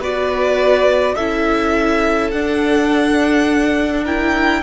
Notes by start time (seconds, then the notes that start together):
0.00 B3 F#4 B4 D5
1.16 C#4 E4 A4 E5
2.31 D4 F#5
4.04 E4 A#4 G5